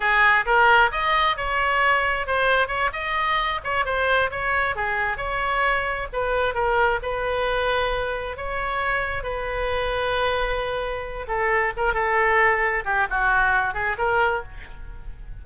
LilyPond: \new Staff \with { instrumentName = "oboe" } { \time 4/4 \tempo 4 = 133 gis'4 ais'4 dis''4 cis''4~ | cis''4 c''4 cis''8 dis''4. | cis''8 c''4 cis''4 gis'4 cis''8~ | cis''4. b'4 ais'4 b'8~ |
b'2~ b'8 cis''4.~ | cis''8 b'2.~ b'8~ | b'4 a'4 ais'8 a'4.~ | a'8 g'8 fis'4. gis'8 ais'4 | }